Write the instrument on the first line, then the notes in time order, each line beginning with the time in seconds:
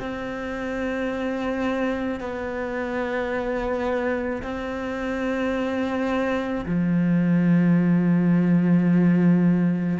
cello
0.00 C4
2.20 B3
4.43 C4
6.66 F3